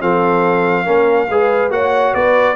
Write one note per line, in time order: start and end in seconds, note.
0.00 0.86 F3
0.00 0.85 C4
0.00 0.85 A4
0.00 1.72 F5
0.85 1.29 A#3
0.85 1.28 C#4
0.85 1.27 A#4
1.29 1.70 G#3
1.29 1.71 G#4
1.29 1.73 B4
1.70 2.13 A#3
1.70 2.56 F#4
1.70 2.14 C#5
1.70 2.14 F#5
2.14 2.56 B3
2.14 2.56 B4
2.14 2.56 D5